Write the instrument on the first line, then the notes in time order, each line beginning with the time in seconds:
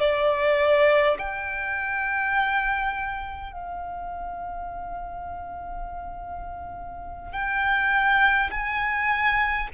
violin
0.00 D5
1.19 G5
3.53 F5
7.33 G5
8.51 G#5